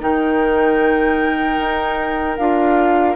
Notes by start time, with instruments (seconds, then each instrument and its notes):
0.00 bassoon D#3, clarinet D#4, oboe A#4, flute G5
1.59 bassoon D#4
2.37 bassoon D4, clarinet F4, flute F5